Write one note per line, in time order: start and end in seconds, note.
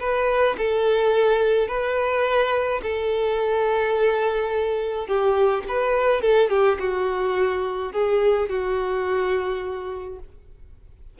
0.00 0.57 B4
0.58 1.68 A4
1.68 2.81 B4
2.83 5.08 A4
5.08 5.64 G4
5.69 6.22 B4
6.22 6.50 A4
6.50 6.78 G4
6.80 7.93 F#4
7.93 8.50 G#4
8.50 10.19 F#4